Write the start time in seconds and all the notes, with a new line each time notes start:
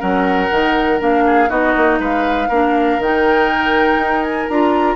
0.00 F#3 C#4 A#4 F#5
0.51 D#3 D#4
1.00 A#3 D4 F5
1.26 G#4
1.49 B3 D#4 F#4 D#5
1.77 A#3
2.00 G#3 B4 F5
2.49 A#3 D4 A#4
2.99 D#3 D#4 G5
3.97 D#4
4.23 G#5
4.48 D4 F4 A#5